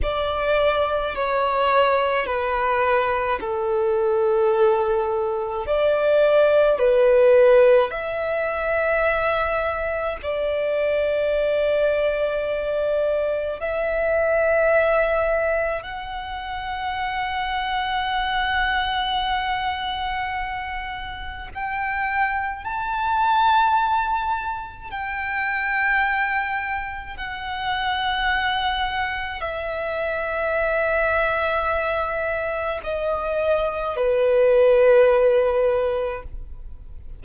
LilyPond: \new Staff \with { instrumentName = "violin" } { \time 4/4 \tempo 4 = 53 d''4 cis''4 b'4 a'4~ | a'4 d''4 b'4 e''4~ | e''4 d''2. | e''2 fis''2~ |
fis''2. g''4 | a''2 g''2 | fis''2 e''2~ | e''4 dis''4 b'2 | }